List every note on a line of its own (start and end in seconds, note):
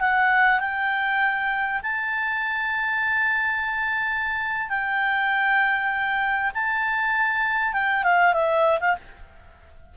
0.00 0.60 F#5
0.60 1.81 G5
1.82 4.69 A5
4.69 6.51 G5
6.54 7.73 A5
7.73 8.03 G5
8.03 8.33 F5
8.33 8.79 E5
8.80 8.95 F5